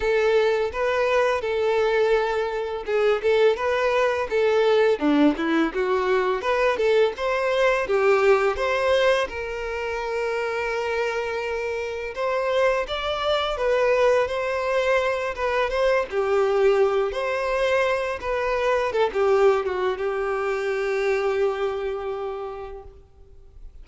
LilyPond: \new Staff \with { instrumentName = "violin" } { \time 4/4 \tempo 4 = 84 a'4 b'4 a'2 | gis'8 a'8 b'4 a'4 d'8 e'8 | fis'4 b'8 a'8 c''4 g'4 | c''4 ais'2.~ |
ais'4 c''4 d''4 b'4 | c''4. b'8 c''8 g'4. | c''4. b'4 a'16 g'8. fis'8 | g'1 | }